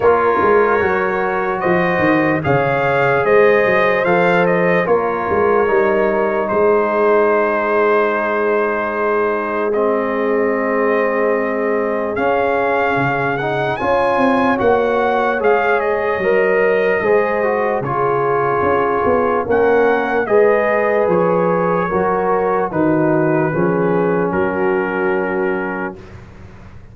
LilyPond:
<<
  \new Staff \with { instrumentName = "trumpet" } { \time 4/4 \tempo 4 = 74 cis''2 dis''4 f''4 | dis''4 f''8 dis''8 cis''2 | c''1 | dis''2. f''4~ |
f''8 fis''8 gis''4 fis''4 f''8 dis''8~ | dis''2 cis''2 | fis''4 dis''4 cis''2 | b'2 ais'2 | }
  \new Staff \with { instrumentName = "horn" } { \time 4/4 ais'2 c''4 cis''4 | c''2 ais'2 | gis'1~ | gis'1~ |
gis'4 cis''2.~ | cis''4 c''4 gis'2 | ais'4 b'2 ais'4 | fis'4 gis'4 fis'2 | }
  \new Staff \with { instrumentName = "trombone" } { \time 4/4 f'4 fis'2 gis'4~ | gis'4 a'4 f'4 dis'4~ | dis'1 | c'2. cis'4~ |
cis'8 dis'8 f'4 fis'4 gis'4 | ais'4 gis'8 fis'8 f'2 | cis'4 gis'2 fis'4 | dis'4 cis'2. | }
  \new Staff \with { instrumentName = "tuba" } { \time 4/4 ais8 gis8 fis4 f8 dis8 cis4 | gis8 fis8 f4 ais8 gis8 g4 | gis1~ | gis2. cis'4 |
cis4 cis'8 c'8 ais4 gis4 | fis4 gis4 cis4 cis'8 b8 | ais4 gis4 f4 fis4 | dis4 f4 fis2 | }
>>